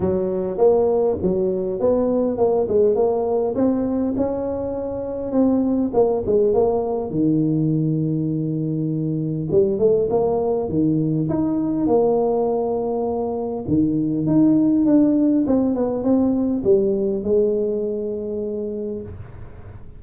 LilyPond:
\new Staff \with { instrumentName = "tuba" } { \time 4/4 \tempo 4 = 101 fis4 ais4 fis4 b4 | ais8 gis8 ais4 c'4 cis'4~ | cis'4 c'4 ais8 gis8 ais4 | dis1 |
g8 a8 ais4 dis4 dis'4 | ais2. dis4 | dis'4 d'4 c'8 b8 c'4 | g4 gis2. | }